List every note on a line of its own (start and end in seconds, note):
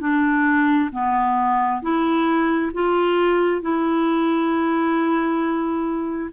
0.00 0.90 D4
0.92 1.81 B3
1.82 2.72 E4
2.74 3.61 F4
3.61 6.30 E4